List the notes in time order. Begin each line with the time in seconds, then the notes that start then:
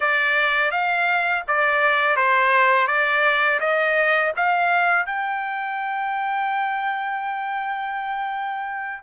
0.00 D5
0.71 F5
1.47 D5
2.16 C5
2.87 D5
3.59 D#5
4.36 F5
5.05 G5